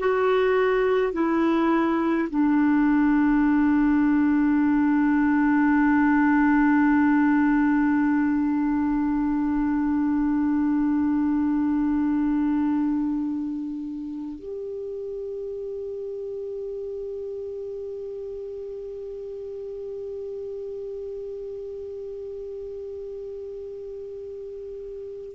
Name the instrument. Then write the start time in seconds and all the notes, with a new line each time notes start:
clarinet
0.00 F#4
1.13 E4
2.31 D4
14.40 G4